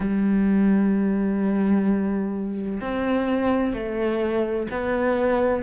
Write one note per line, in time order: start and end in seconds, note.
0.00 2.80 G3
2.80 3.73 C4
3.73 4.67 A3
4.70 5.62 B3